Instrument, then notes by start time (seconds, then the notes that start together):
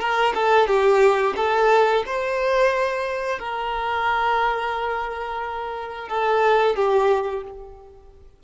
violin
0.00 A#4
0.35 A4
0.67 G4
1.37 A4
2.07 C5
3.39 A#4
6.09 A4
6.76 G4